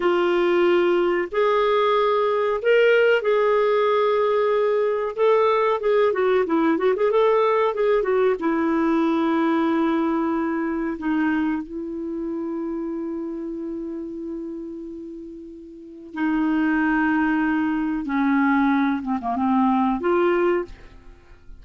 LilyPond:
\new Staff \with { instrumentName = "clarinet" } { \time 4/4 \tempo 4 = 93 f'2 gis'2 | ais'4 gis'2. | a'4 gis'8 fis'8 e'8 fis'16 gis'16 a'4 | gis'8 fis'8 e'2.~ |
e'4 dis'4 e'2~ | e'1~ | e'4 dis'2. | cis'4. c'16 ais16 c'4 f'4 | }